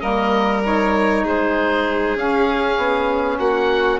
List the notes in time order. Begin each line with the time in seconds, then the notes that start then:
0.00 G3 A#3 A#4 D#5
0.64 D#4 C#5
1.23 G#3 G#4 C5
2.15 C#4 F5
2.77 B3
3.39 A#3 F#4 F#5